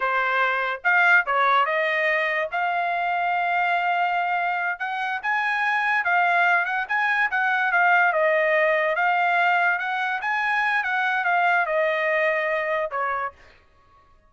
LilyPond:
\new Staff \with { instrumentName = "trumpet" } { \time 4/4 \tempo 4 = 144 c''2 f''4 cis''4 | dis''2 f''2~ | f''2.~ f''8 fis''8~ | fis''8 gis''2 f''4. |
fis''8 gis''4 fis''4 f''4 dis''8~ | dis''4. f''2 fis''8~ | fis''8 gis''4. fis''4 f''4 | dis''2. cis''4 | }